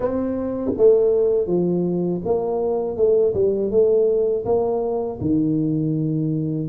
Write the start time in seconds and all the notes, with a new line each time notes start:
0.00 C4
0.77 A3
1.46 F3
2.24 A#3
2.96 A3
3.34 G3
3.70 A3
4.45 A#3
5.21 D#3